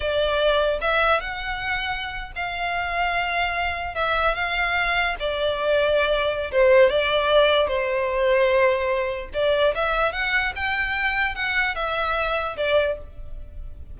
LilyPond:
\new Staff \with { instrumentName = "violin" } { \time 4/4 \tempo 4 = 148 d''2 e''4 fis''4~ | fis''4.~ fis''16 f''2~ f''16~ | f''4.~ f''16 e''4 f''4~ f''16~ | f''8. d''2.~ d''16 |
c''4 d''2 c''4~ | c''2. d''4 | e''4 fis''4 g''2 | fis''4 e''2 d''4 | }